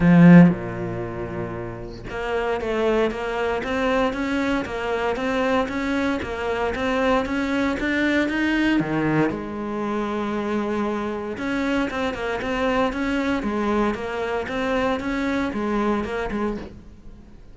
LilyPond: \new Staff \with { instrumentName = "cello" } { \time 4/4 \tempo 4 = 116 f4 ais,2. | ais4 a4 ais4 c'4 | cis'4 ais4 c'4 cis'4 | ais4 c'4 cis'4 d'4 |
dis'4 dis4 gis2~ | gis2 cis'4 c'8 ais8 | c'4 cis'4 gis4 ais4 | c'4 cis'4 gis4 ais8 gis8 | }